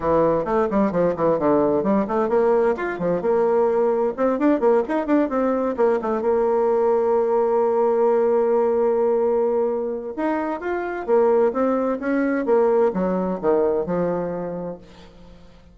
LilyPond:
\new Staff \with { instrumentName = "bassoon" } { \time 4/4 \tempo 4 = 130 e4 a8 g8 f8 e8 d4 | g8 a8 ais4 f'8 f8 ais4~ | ais4 c'8 d'8 ais8 dis'8 d'8 c'8~ | c'8 ais8 a8 ais2~ ais8~ |
ais1~ | ais2 dis'4 f'4 | ais4 c'4 cis'4 ais4 | fis4 dis4 f2 | }